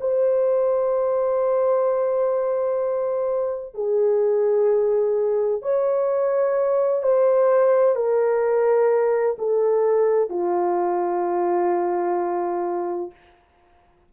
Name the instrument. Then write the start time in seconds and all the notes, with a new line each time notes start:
horn
0.00 C5
3.74 G#4
5.62 C#5
7.03 C5
7.96 A#4
9.38 A4
10.30 F4